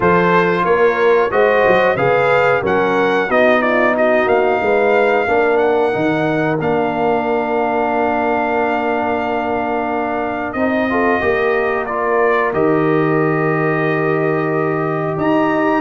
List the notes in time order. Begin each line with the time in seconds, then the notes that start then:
0.00 F3 F4 A4 C5
0.64 A#3 A#4 C#5
1.30 G#3 F#4 C5 D#5
1.66 F#3
1.96 C#3 G#4 B4 F5
2.61 F#3 C#4 A#4 F#5
3.27 B3 D#4 F#4 D#5
3.60 F4 D5
3.96 F#4 D#5
4.26 A#3 F5
4.61 G#3 B4
5.27 A#3 D4 A#4
5.57 F#5
5.92 D#3 D#4
6.60 A#3 D4 F5
10.52 C4 D#4 D#5
10.89 F4 A4
11.20 A#3 G4 A#4
11.85 F4 D5
12.52 D#3 G4 D#5
15.16 D#4 D#5 A#5